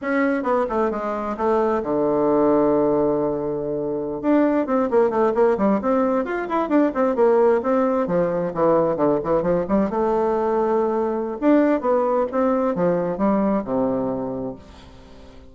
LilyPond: \new Staff \with { instrumentName = "bassoon" } { \time 4/4 \tempo 4 = 132 cis'4 b8 a8 gis4 a4 | d1~ | d4~ d16 d'4 c'8 ais8 a8 ais16~ | ais16 g8 c'4 f'8 e'8 d'8 c'8 ais16~ |
ais8. c'4 f4 e4 d16~ | d16 e8 f8 g8 a2~ a16~ | a4 d'4 b4 c'4 | f4 g4 c2 | }